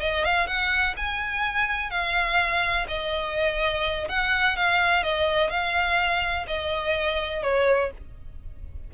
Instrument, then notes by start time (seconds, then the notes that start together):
violin
0.00 D#5
0.24 F5
0.46 F#5
0.96 G#5
1.90 F5
2.88 D#5
4.08 F#5
4.56 F5
5.03 D#5
5.50 F5
6.47 D#5
7.42 C#5